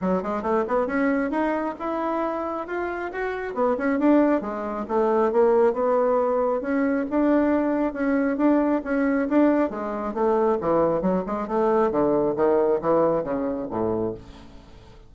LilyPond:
\new Staff \with { instrumentName = "bassoon" } { \time 4/4 \tempo 4 = 136 fis8 gis8 a8 b8 cis'4 dis'4 | e'2 f'4 fis'4 | b8 cis'8 d'4 gis4 a4 | ais4 b2 cis'4 |
d'2 cis'4 d'4 | cis'4 d'4 gis4 a4 | e4 fis8 gis8 a4 d4 | dis4 e4 cis4 a,4 | }